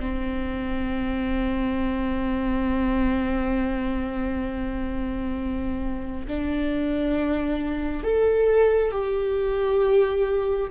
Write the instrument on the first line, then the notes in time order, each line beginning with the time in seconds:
viola
0.00 C4
6.28 D4
8.04 A4
8.92 G4